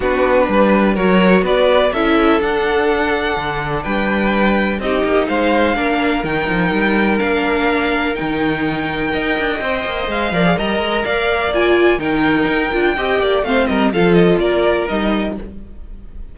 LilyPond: <<
  \new Staff \with { instrumentName = "violin" } { \time 4/4 \tempo 4 = 125 b'2 cis''4 d''4 | e''4 fis''2. | g''2 dis''4 f''4~ | f''4 g''2 f''4~ |
f''4 g''2.~ | g''4 f''4 ais''4 f''4 | gis''4 g''2. | f''8 dis''8 f''8 dis''8 d''4 dis''4 | }
  \new Staff \with { instrumentName = "violin" } { \time 4/4 fis'4 b'4 ais'4 b'4 | a'1 | b'2 g'4 c''4 | ais'1~ |
ais'2. dis''4~ | dis''4. d''8 dis''4 d''4~ | d''4 ais'2 dis''8 d''8 | c''8 ais'8 a'4 ais'2 | }
  \new Staff \with { instrumentName = "viola" } { \time 4/4 d'2 fis'2 | e'4 d'2.~ | d'2 dis'2 | d'4 dis'2 d'4~ |
d'4 dis'2 ais'4 | c''4. ais'16 gis'16 ais'2 | f'4 dis'4. f'8 g'4 | c'4 f'2 dis'4 | }
  \new Staff \with { instrumentName = "cello" } { \time 4/4 b4 g4 fis4 b4 | cis'4 d'2 d4 | g2 c'8 ais8 gis4 | ais4 dis8 f8 g4 ais4~ |
ais4 dis2 dis'8 d'8 | c'8 ais8 gis8 f8 g8 gis8 ais4~ | ais4 dis4 dis'8 d'8 c'8 ais8 | a8 g8 f4 ais4 g4 | }
>>